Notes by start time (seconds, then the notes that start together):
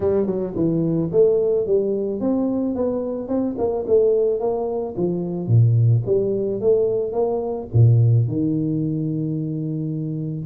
0.00 G3
0.26 F#3
0.55 E3
1.12 A3
1.66 G3
2.20 C4
2.75 B3
3.28 C4
3.58 A#3
3.87 A3
4.39 A#3
4.96 F3
5.47 A#2
6.06 G3
6.61 A3
7.12 A#3
7.73 A#2
8.27 D#3